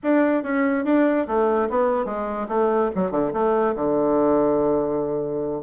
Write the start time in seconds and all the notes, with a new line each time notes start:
0.03 D4
0.43 C#4
0.84 D4
1.27 A3
1.69 B3
2.05 G#3
2.48 A3
2.95 F#3
3.11 D3
3.33 A3
3.75 D3